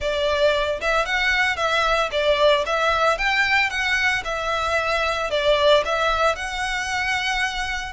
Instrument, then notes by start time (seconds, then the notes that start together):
violin
0.00 D5
0.80 E5
1.05 F#5
1.56 E5
2.11 D5
2.65 E5
3.18 G5
3.70 F#5
4.24 E5
5.30 D5
5.85 E5
6.35 F#5